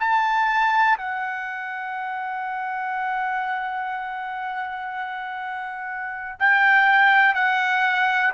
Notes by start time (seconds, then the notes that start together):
0.00 A5
0.98 F#5
6.40 G5
7.35 F#5